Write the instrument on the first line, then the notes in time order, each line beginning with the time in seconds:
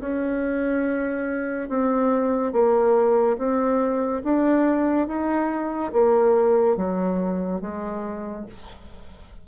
bassoon
0.00 C#4
1.69 C4
2.52 A#3
3.38 C4
4.24 D4
5.07 D#4
5.92 A#3
6.76 F#3
7.61 G#3